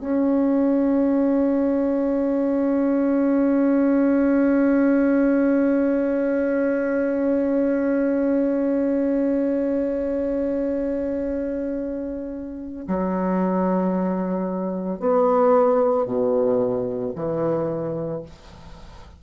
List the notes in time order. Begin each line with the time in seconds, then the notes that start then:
0.00 C#4
12.87 F#3
15.00 B3
16.06 B2
17.15 E3